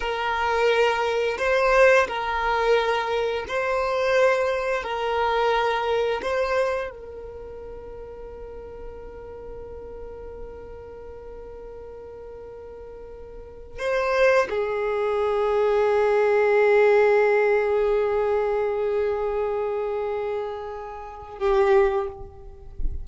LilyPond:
\new Staff \with { instrumentName = "violin" } { \time 4/4 \tempo 4 = 87 ais'2 c''4 ais'4~ | ais'4 c''2 ais'4~ | ais'4 c''4 ais'2~ | ais'1~ |
ais'1 | c''4 gis'2.~ | gis'1~ | gis'2. g'4 | }